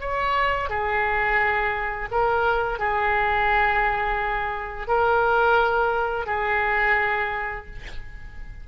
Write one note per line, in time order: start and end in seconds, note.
0.00 0.69 C#5
0.69 2.09 G#4
2.11 2.79 A#4
2.79 4.87 G#4
4.87 6.26 A#4
6.26 7.66 G#4